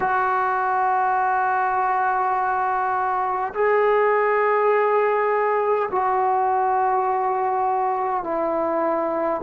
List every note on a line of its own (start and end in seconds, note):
0.00 3.53 F#4
3.53 5.89 G#4
5.91 8.23 F#4
8.23 9.41 E4